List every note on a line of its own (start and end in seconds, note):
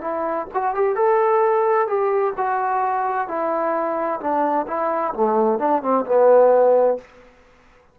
0.00 0.46 E4
0.54 0.74 F#4
0.74 0.95 G4
0.95 1.87 A4
1.87 2.33 G4
2.37 3.27 F#4
3.27 4.20 E4
4.20 4.66 D4
4.67 5.13 E4
5.14 5.58 A3
5.58 5.82 D4
5.82 6.05 C4
6.05 6.97 B3